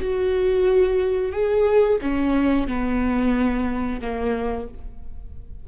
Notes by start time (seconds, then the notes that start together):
0.00 F#4
1.32 G#4
2.01 C#4
2.67 B3
4.01 A#3